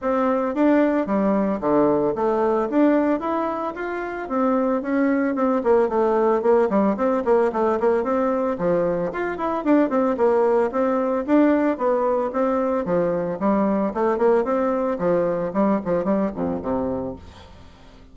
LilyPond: \new Staff \with { instrumentName = "bassoon" } { \time 4/4 \tempo 4 = 112 c'4 d'4 g4 d4 | a4 d'4 e'4 f'4 | c'4 cis'4 c'8 ais8 a4 | ais8 g8 c'8 ais8 a8 ais8 c'4 |
f4 f'8 e'8 d'8 c'8 ais4 | c'4 d'4 b4 c'4 | f4 g4 a8 ais8 c'4 | f4 g8 f8 g8 f,8 c4 | }